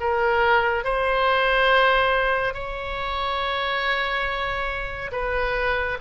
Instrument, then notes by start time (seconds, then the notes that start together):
oboe
0.00 A#4
0.84 C5
2.54 C#5
5.12 B4